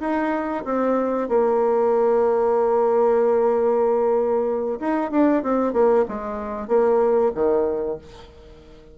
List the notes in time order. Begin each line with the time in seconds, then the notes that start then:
0.00 D#4
0.65 C4
1.28 A#3
4.80 D#4
5.11 D4
5.43 C4
5.73 A#3
6.08 G#3
6.68 A#3
7.34 D#3